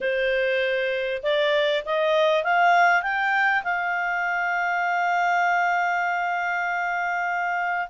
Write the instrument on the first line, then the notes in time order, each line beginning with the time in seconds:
clarinet
0.00 C5
1.23 D5
1.85 D#5
2.43 F5
3.02 G5
3.63 F5